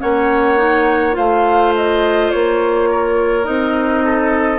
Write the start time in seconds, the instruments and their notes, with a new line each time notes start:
0.00 bassoon A#3, clarinet C#4, oboe C#5, flute F#5
0.58 clarinet D#4
1.12 bassoon A3, clarinet F4, oboe C5, flute F5
1.76 flute D#5
2.31 bassoon A#3, flute C#5
2.91 oboe A#4
3.44 bassoon C4, clarinet D#4, flute D#5
4.05 oboe A4